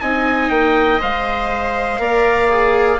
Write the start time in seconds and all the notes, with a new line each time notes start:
0.00 C4 D#4 D#5 G#5
0.49 A#3 G5
0.99 G#3 C5 F5
1.98 A#3 A#4 D5
2.49 G#4